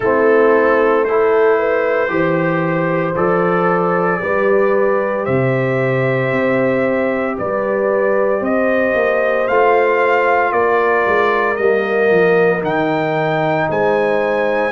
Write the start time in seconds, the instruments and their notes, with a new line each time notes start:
0.00 tuba A3, trombone C4, horn E4, trumpet A4
1.04 trombone E4, horn A4, trumpet C5
1.58 horn B4
2.08 tuba E3, trombone G4, horn C5
3.15 tuba F3, trombone A4, trumpet D5
4.20 tuba G3, trombone G4, horn B4
5.25 tuba C3, horn C5, trumpet E5
6.32 tuba C4
7.38 tuba G3, horn B4, trumpet D5
8.40 tuba C4, horn C5, trumpet D#5
8.95 tuba A#3
9.47 tuba A3, trombone F4, trumpet F5
10.52 tuba A#3, horn A#4, trumpet D5
11.05 tuba G#3
11.55 tuba G3, trombone A#3, trumpet D#5
12.11 tuba F3
12.61 tuba D#3, trombone D#4, trumpet G5
13.69 tuba G#3, horn C5, trumpet G#5